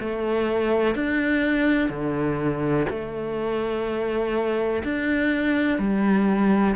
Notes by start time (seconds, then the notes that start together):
0.00 A3
0.96 D4
1.90 D3
2.90 A3
4.84 D4
5.79 G3